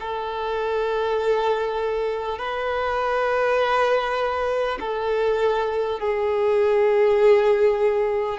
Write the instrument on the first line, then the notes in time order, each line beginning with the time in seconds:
violin
0.00 A4
2.38 B4
4.80 A4
5.99 G#4